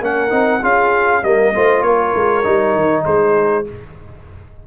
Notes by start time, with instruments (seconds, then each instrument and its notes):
0.00 tuba A#3, trombone C#4, horn A#4, trumpet F#5
0.29 tuba C4, trombone D#4
0.60 tuba C#4, trombone F4, horn G#4, trumpet F5
1.23 tuba G3, trombone A#3, horn A#4, trumpet D#5
1.54 tuba A3, trombone F4, horn C5
1.81 tuba A#3, horn A#4, trumpet C#5
2.14 tuba G#3
2.43 tuba G3, trombone D#4
2.75 tuba D#3
3.05 tuba G#3, horn G#4, trumpet C5